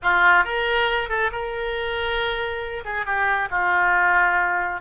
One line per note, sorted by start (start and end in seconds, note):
0.02 0.44 F4
0.44 1.09 A#4
1.09 1.30 A4
1.31 2.84 A#4
2.85 3.05 G#4
3.05 3.49 G4
3.50 4.80 F4